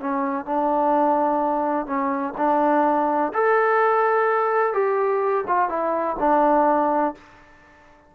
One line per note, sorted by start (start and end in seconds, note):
0.00 0.45 C#4
0.45 1.86 D4
1.86 2.34 C#4
2.37 3.33 D4
3.34 4.73 A4
4.73 5.45 G4
5.47 5.69 F4
5.69 6.16 E4
6.19 7.15 D4